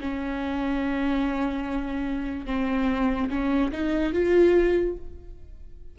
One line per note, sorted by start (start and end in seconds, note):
0.00 2.45 C#4
2.45 3.29 C4
3.29 3.71 C#4
3.71 4.13 D#4
4.13 4.96 F4